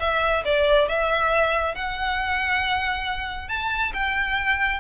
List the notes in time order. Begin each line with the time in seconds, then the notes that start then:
0.00 E5
0.45 D5
0.88 E5
1.75 F#5
3.48 A5
3.94 G5